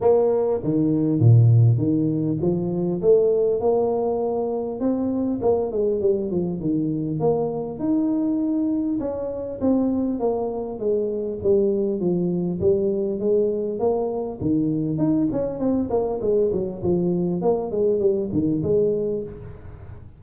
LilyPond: \new Staff \with { instrumentName = "tuba" } { \time 4/4 \tempo 4 = 100 ais4 dis4 ais,4 dis4 | f4 a4 ais2 | c'4 ais8 gis8 g8 f8 dis4 | ais4 dis'2 cis'4 |
c'4 ais4 gis4 g4 | f4 g4 gis4 ais4 | dis4 dis'8 cis'8 c'8 ais8 gis8 fis8 | f4 ais8 gis8 g8 dis8 gis4 | }